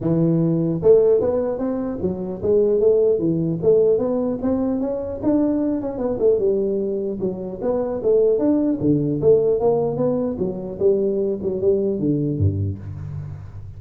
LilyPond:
\new Staff \with { instrumentName = "tuba" } { \time 4/4 \tempo 4 = 150 e2 a4 b4 | c'4 fis4 gis4 a4 | e4 a4 b4 c'4 | cis'4 d'4. cis'8 b8 a8 |
g2 fis4 b4 | a4 d'4 d4 a4 | ais4 b4 fis4 g4~ | g8 fis8 g4 d4 g,4 | }